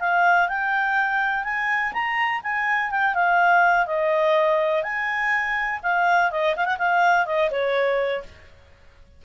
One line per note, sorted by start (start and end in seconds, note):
0.00 0.48 F5
0.48 1.44 G5
1.44 1.92 G#5
1.92 2.41 A#5
2.43 2.90 G#5
2.90 3.14 G5
3.14 3.86 F5
3.86 4.83 D#5
4.83 5.80 G#5
5.83 6.31 F5
6.31 6.55 D#5
6.56 6.65 F5
6.65 6.77 F#5
6.78 7.26 F5
7.26 7.50 D#5
7.50 8.23 C#5